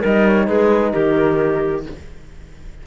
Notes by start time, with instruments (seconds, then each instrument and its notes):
0.00 cello G3, horn D#4, clarinet A#4, flute D#5
0.27 flute C#5
0.46 cello G#3, clarinet G#4, flute B4
0.92 cello D#3, clarinet G4, flute A#4